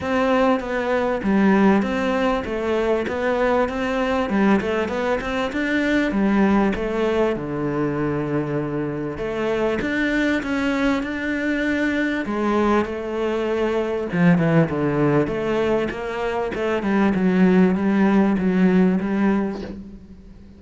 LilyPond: \new Staff \with { instrumentName = "cello" } { \time 4/4 \tempo 4 = 98 c'4 b4 g4 c'4 | a4 b4 c'4 g8 a8 | b8 c'8 d'4 g4 a4 | d2. a4 |
d'4 cis'4 d'2 | gis4 a2 f8 e8 | d4 a4 ais4 a8 g8 | fis4 g4 fis4 g4 | }